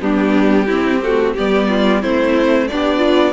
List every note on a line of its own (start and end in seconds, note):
0.00 0.68 G3
0.00 0.67 B3
0.00 0.66 D4
0.00 1.34 G4
0.66 1.34 C4
0.66 1.01 C4
0.66 1.00 E4
1.02 1.35 A3
1.02 1.34 F#4
1.34 2.03 G3
1.34 2.02 B3
1.34 1.67 G4
1.34 2.02 D5
1.69 2.01 F4
2.01 2.69 A3
2.01 2.68 C4
2.01 2.68 E4
2.01 2.67 C5
2.67 3.33 B3
2.67 3.33 D4
2.67 2.97 G4
2.67 3.33 D5
2.97 3.31 F4